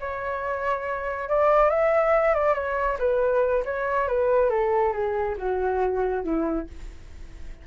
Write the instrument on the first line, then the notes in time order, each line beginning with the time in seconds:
flute
0.00 C#5
1.29 D5
1.70 E5
2.34 D5
2.54 C#5
2.99 B4
3.65 C#5
4.08 B4
4.50 A4
4.92 G#4
5.37 F#4
6.24 E4